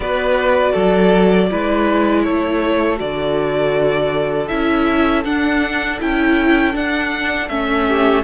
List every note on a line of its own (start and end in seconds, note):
0.00 0.72 B3
0.00 1.50 F#4
0.00 0.72 B4
0.00 2.23 D5
0.72 1.50 F#3
0.72 1.47 A4
1.50 2.27 G#3
1.50 2.96 E4
1.50 2.23 B4
2.23 3.00 A3
2.23 7.85 A4
2.23 2.98 C#5
2.96 4.50 D3
2.96 4.46 F#4
2.96 4.48 D5
4.48 5.24 C#4
4.48 5.23 E4
4.48 5.23 E5
5.24 5.99 D4
5.24 6.00 D4
5.24 6.00 F#5
6.00 6.74 C#4
6.00 6.73 E4
6.00 6.76 G5
6.73 7.48 D4
6.73 7.49 D4
6.73 7.48 F#5
7.48 8.23 A3
7.48 8.23 C#4
7.48 8.23 E5
7.88 8.23 G4